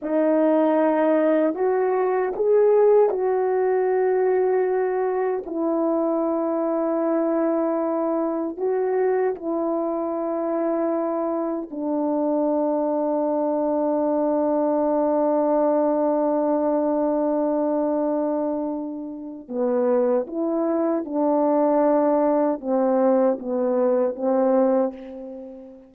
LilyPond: \new Staff \with { instrumentName = "horn" } { \time 4/4 \tempo 4 = 77 dis'2 fis'4 gis'4 | fis'2. e'4~ | e'2. fis'4 | e'2. d'4~ |
d'1~ | d'1~ | d'4 b4 e'4 d'4~ | d'4 c'4 b4 c'4 | }